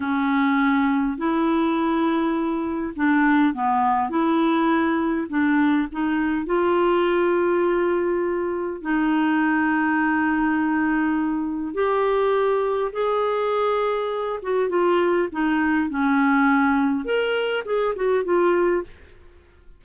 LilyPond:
\new Staff \with { instrumentName = "clarinet" } { \time 4/4 \tempo 4 = 102 cis'2 e'2~ | e'4 d'4 b4 e'4~ | e'4 d'4 dis'4 f'4~ | f'2. dis'4~ |
dis'1 | g'2 gis'2~ | gis'8 fis'8 f'4 dis'4 cis'4~ | cis'4 ais'4 gis'8 fis'8 f'4 | }